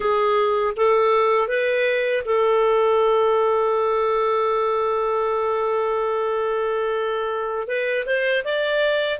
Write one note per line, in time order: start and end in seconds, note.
0.00 0.73 G#4
0.76 1.48 A4
1.48 2.23 B4
2.25 7.67 A4
7.67 8.05 B4
8.06 8.43 C5
8.44 9.19 D5